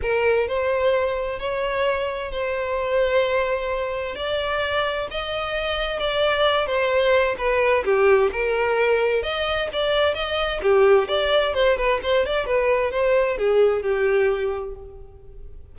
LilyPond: \new Staff \with { instrumentName = "violin" } { \time 4/4 \tempo 4 = 130 ais'4 c''2 cis''4~ | cis''4 c''2.~ | c''4 d''2 dis''4~ | dis''4 d''4. c''4. |
b'4 g'4 ais'2 | dis''4 d''4 dis''4 g'4 | d''4 c''8 b'8 c''8 d''8 b'4 | c''4 gis'4 g'2 | }